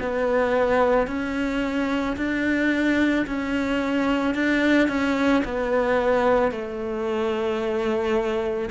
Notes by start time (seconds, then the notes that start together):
0.00 B3
1.07 C#4
2.17 D4
3.26 C#4
4.34 D4
4.88 C#4
5.44 B3
6.52 A3